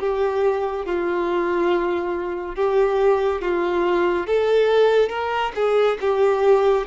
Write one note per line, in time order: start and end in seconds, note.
0.00 0.85 G4
0.85 2.56 F4
2.56 3.41 G4
3.42 4.27 F4
4.27 5.09 A4
5.09 5.52 A#4
5.55 5.98 G#4
6.01 6.86 G4